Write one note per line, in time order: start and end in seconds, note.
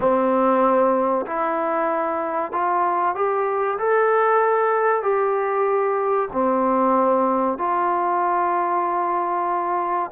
0.00 1.26 C4
1.26 2.51 E4
2.51 3.15 F4
3.15 3.78 G4
3.78 5.02 A4
5.02 6.28 G4
6.32 7.58 C4
7.58 10.11 F4